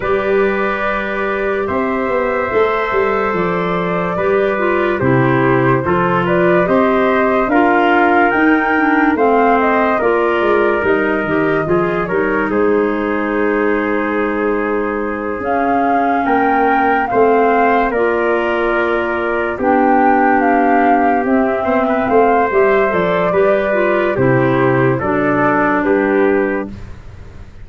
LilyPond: <<
  \new Staff \with { instrumentName = "flute" } { \time 4/4 \tempo 4 = 72 d''2 e''2 | d''2 c''4. d''8 | dis''4 f''4 g''4 f''8 dis''8 | d''4 dis''4. cis''8 c''4~ |
c''2~ c''8 f''4 g''8~ | g''8 f''4 d''2 g''8~ | g''8 f''4 e''4 f''8 e''8 d''8~ | d''4 c''4 d''4 b'4 | }
  \new Staff \with { instrumentName = "trumpet" } { \time 4/4 b'2 c''2~ | c''4 b'4 g'4 a'8 b'8 | c''4 ais'2 c''4 | ais'2 gis'8 ais'8 gis'4~ |
gis'2.~ gis'8 ais'8~ | ais'8 c''4 ais'2 g'8~ | g'2 c''16 b'16 c''4. | b'4 g'4 a'4 g'4 | }
  \new Staff \with { instrumentName = "clarinet" } { \time 4/4 g'2. a'4~ | a'4 g'8 f'8 e'4 f'4 | g'4 f'4 dis'8 d'8 c'4 | f'4 dis'8 g'8 f'8 dis'4.~ |
dis'2~ dis'8 cis'4.~ | cis'8 c'4 f'2 d'8~ | d'4. c'4. g'8 a'8 | g'8 f'8 e'4 d'2 | }
  \new Staff \with { instrumentName = "tuba" } { \time 4/4 g2 c'8 b8 a8 g8 | f4 g4 c4 f4 | c'4 d'4 dis'4 a4 | ais8 gis8 g8 dis8 f8 g8 gis4~ |
gis2~ gis8 cis'4 ais8~ | ais8 a4 ais2 b8~ | b4. c'8 b8 a8 g8 f8 | g4 c4 fis4 g4 | }
>>